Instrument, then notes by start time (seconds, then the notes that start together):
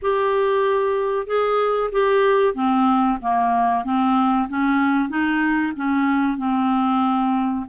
clarinet
0.01 G4
1.26 G#4
1.92 G4
2.54 C4
3.21 A#3
3.84 C4
4.49 C#4
5.09 D#4
5.76 C#4
6.37 C4